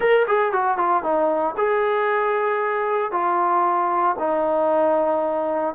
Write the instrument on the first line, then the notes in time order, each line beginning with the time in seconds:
trombone
0.00 A#4
0.27 G#4
0.52 F#4
0.77 F4
1.03 D#4
1.57 G#4
3.11 F4
4.18 D#4